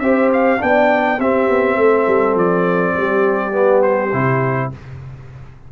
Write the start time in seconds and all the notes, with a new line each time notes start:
0.00 C4 G4 C5 E5
0.33 F5
0.60 B3 D4 D5 G5
1.19 C4 G4 E5
1.48 B3
1.77 A3 A4
2.07 G3
2.35 F3 D5
2.95 G3 G4
3.52 B3
3.82 C5
4.13 C3 E4